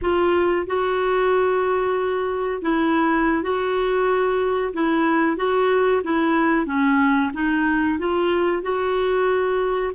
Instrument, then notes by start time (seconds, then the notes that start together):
clarinet
0.01 F4
0.66 F#4
2.62 E4
3.42 F#4
4.73 E4
5.37 F#4
6.03 E4
6.66 C#4
7.33 D#4
7.98 F4
8.62 F#4